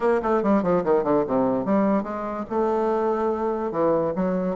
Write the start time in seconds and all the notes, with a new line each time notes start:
0.00 A#3
0.22 A3
0.42 G3
0.62 F3
0.84 D#3
1.03 D3
1.27 C3
1.65 G3
2.03 G#3
2.49 A3
3.71 E3
4.15 F#3